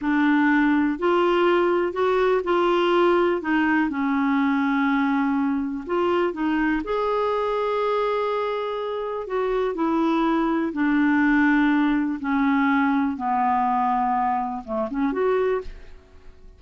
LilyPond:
\new Staff \with { instrumentName = "clarinet" } { \time 4/4 \tempo 4 = 123 d'2 f'2 | fis'4 f'2 dis'4 | cis'1 | f'4 dis'4 gis'2~ |
gis'2. fis'4 | e'2 d'2~ | d'4 cis'2 b4~ | b2 a8 cis'8 fis'4 | }